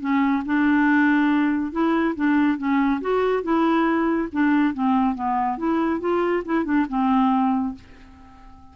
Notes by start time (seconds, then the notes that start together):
0.00 C#4
0.45 D4
1.72 E4
2.15 D4
2.58 C#4
3.01 F#4
3.43 E4
4.32 D4
4.74 C4
5.15 B3
5.58 E4
6.00 F4
6.45 E4
6.64 D4
6.89 C4